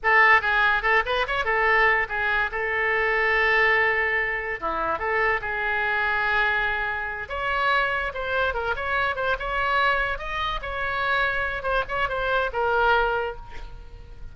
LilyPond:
\new Staff \with { instrumentName = "oboe" } { \time 4/4 \tempo 4 = 144 a'4 gis'4 a'8 b'8 cis''8 a'8~ | a'4 gis'4 a'2~ | a'2. e'4 | a'4 gis'2.~ |
gis'4. cis''2 c''8~ | c''8 ais'8 cis''4 c''8 cis''4.~ | cis''8 dis''4 cis''2~ cis''8 | c''8 cis''8 c''4 ais'2 | }